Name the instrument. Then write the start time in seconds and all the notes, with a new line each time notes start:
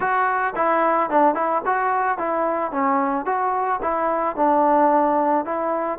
trombone
0.00 F#4
0.55 E4
1.10 D4
1.34 E4
1.65 F#4
2.17 E4
2.71 C#4
3.25 F#4
3.82 E4
4.36 D4
5.45 E4